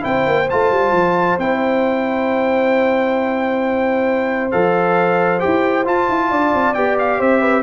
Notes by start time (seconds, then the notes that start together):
0.00 C4 E4 C5 G5
0.26 A#3
0.49 A3 F4 A5
0.71 G3
0.92 F3
1.38 C4 E4 G5
4.51 F3 A4 F5
5.39 E4 G4 G5
5.85 F4 A5
6.09 E4
6.30 D4 D5
6.53 C4
6.74 B3 G4 G5
6.99 F5
7.19 C4 C5 E5
7.40 B4